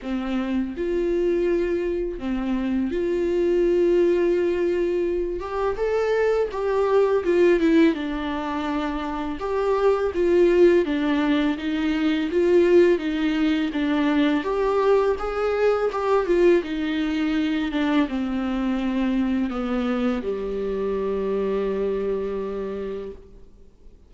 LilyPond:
\new Staff \with { instrumentName = "viola" } { \time 4/4 \tempo 4 = 83 c'4 f'2 c'4 | f'2.~ f'8 g'8 | a'4 g'4 f'8 e'8 d'4~ | d'4 g'4 f'4 d'4 |
dis'4 f'4 dis'4 d'4 | g'4 gis'4 g'8 f'8 dis'4~ | dis'8 d'8 c'2 b4 | g1 | }